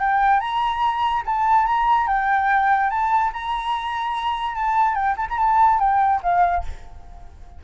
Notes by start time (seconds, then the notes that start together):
0.00 G5
0.40 A#5
1.26 A5
1.66 A#5
2.07 G5
2.90 A5
3.33 A#5
4.55 A5
4.95 G5
5.17 A5
5.30 A#5
5.38 A5
5.79 G5
6.23 F5